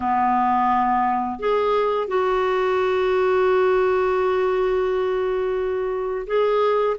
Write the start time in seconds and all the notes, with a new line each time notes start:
0.00 B3
1.39 G#4
2.07 F#4
6.27 G#4